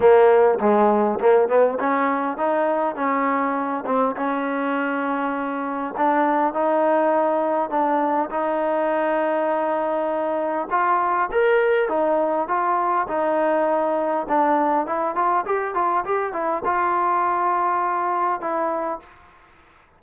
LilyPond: \new Staff \with { instrumentName = "trombone" } { \time 4/4 \tempo 4 = 101 ais4 gis4 ais8 b8 cis'4 | dis'4 cis'4. c'8 cis'4~ | cis'2 d'4 dis'4~ | dis'4 d'4 dis'2~ |
dis'2 f'4 ais'4 | dis'4 f'4 dis'2 | d'4 e'8 f'8 g'8 f'8 g'8 e'8 | f'2. e'4 | }